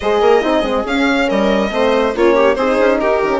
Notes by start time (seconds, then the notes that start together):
0.00 G#3 G#4 C5 D#5
0.21 A#3 A#4
0.41 C4 D#4 G#4
0.62 G#3 C4
0.84 C#4 F5
1.27 G3 A#4 D#5
1.70 A3 C4 C5
2.14 A#3 C#4 F4 C#5
2.35 G4
2.55 C4 D#4 G#4 C5
2.79 C#4
3.00 D#4 G4 A#4
3.22 D#3 C#4